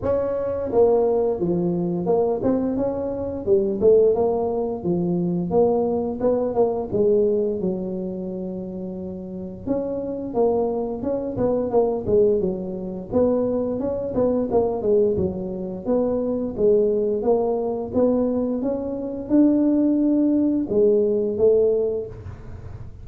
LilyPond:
\new Staff \with { instrumentName = "tuba" } { \time 4/4 \tempo 4 = 87 cis'4 ais4 f4 ais8 c'8 | cis'4 g8 a8 ais4 f4 | ais4 b8 ais8 gis4 fis4~ | fis2 cis'4 ais4 |
cis'8 b8 ais8 gis8 fis4 b4 | cis'8 b8 ais8 gis8 fis4 b4 | gis4 ais4 b4 cis'4 | d'2 gis4 a4 | }